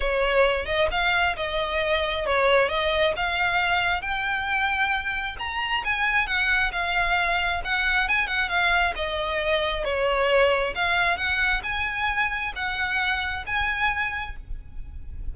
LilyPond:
\new Staff \with { instrumentName = "violin" } { \time 4/4 \tempo 4 = 134 cis''4. dis''8 f''4 dis''4~ | dis''4 cis''4 dis''4 f''4~ | f''4 g''2. | ais''4 gis''4 fis''4 f''4~ |
f''4 fis''4 gis''8 fis''8 f''4 | dis''2 cis''2 | f''4 fis''4 gis''2 | fis''2 gis''2 | }